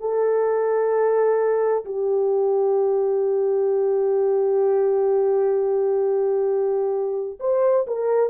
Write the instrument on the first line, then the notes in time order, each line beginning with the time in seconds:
horn
0.00 A4
1.85 G4
7.40 C5
7.87 A#4